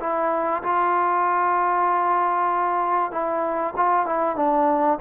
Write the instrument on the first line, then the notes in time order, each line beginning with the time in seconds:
trombone
0.00 E4
0.63 F4
3.12 E4
3.76 F4
4.06 E4
4.36 D4